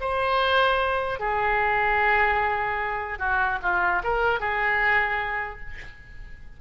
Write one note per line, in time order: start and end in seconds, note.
0.00 1.19 C5
1.19 3.18 G#4
3.18 3.58 F#4
3.62 4.02 F4
4.03 4.39 A#4
4.39 5.59 G#4